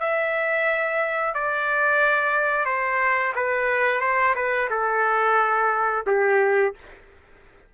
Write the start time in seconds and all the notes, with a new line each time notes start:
0.00 E5
1.35 D5
2.66 C5
3.36 B4
4.01 C5
4.35 B4
4.70 A4
6.07 G4